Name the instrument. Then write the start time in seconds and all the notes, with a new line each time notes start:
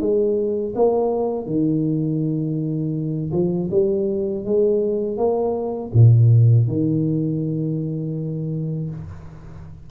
tuba
0.00 G#3
0.75 A#3
1.46 D#3
3.32 F3
3.71 G3
4.45 G#3
5.18 A#3
5.94 A#2
6.68 D#3